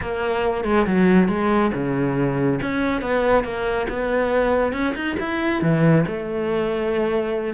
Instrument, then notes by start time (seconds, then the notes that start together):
cello
0.01 A#3
0.64 G#3
0.86 F#3
1.28 G#3
1.73 C#3
2.62 C#4
3.01 B3
3.44 A#3
3.89 B3
4.73 C#4
4.95 D#4
5.19 E4
5.62 E3
6.06 A3